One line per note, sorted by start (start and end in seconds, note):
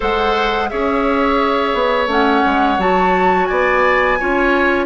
0.00 0.71 G#3
0.00 0.69 A4
0.00 0.69 C5
0.00 0.68 F#5
0.68 1.73 C#4
0.68 2.08 G#4
0.68 3.48 C#5
0.68 2.08 E5
1.73 2.07 B3
2.07 2.42 A3
2.07 2.77 C#4
2.07 2.81 F#5
2.45 2.78 G#3
2.78 3.48 F#3
2.78 4.18 F#4
2.78 3.45 A5
3.45 4.20 B3
3.45 4.18 D5
3.45 4.85 G#5
4.19 4.86 C#4
4.19 4.86 F4
4.19 4.86 C#5